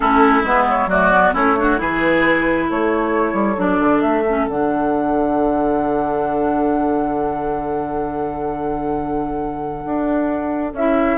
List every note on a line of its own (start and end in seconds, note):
0.00 0.43 A3
0.00 0.44 C#4
0.00 0.89 E4
0.00 0.43 A4
0.43 0.86 G#3
0.43 0.89 B3
0.43 0.68 B4
0.68 0.89 C#5
0.86 1.31 F#3
0.86 1.11 A3
0.86 1.34 F#4
0.86 1.34 D5
1.11 1.33 B3
1.33 1.80 A3
1.33 1.56 C#4
1.33 1.56 E4
1.33 1.80 C#5
1.57 1.77 D4
1.57 1.80 F#4
1.77 2.69 E3
1.77 3.56 E4
1.77 2.68 G#4
1.77 2.70 B4
2.68 3.33 A3
2.68 11.18 A4
2.68 3.60 C#5
3.33 3.56 G3
3.57 3.79 F#3
3.57 4.24 D4
3.57 4.01 D5
3.79 4.02 D3
4.01 4.47 A3
4.01 4.46 E5
4.29 4.48 C#4
4.46 9.84 D3
4.46 10.75 D4
4.46 10.72 F#5
9.85 10.73 D4
10.73 11.18 C#4
10.73 11.18 E4
10.73 11.18 E5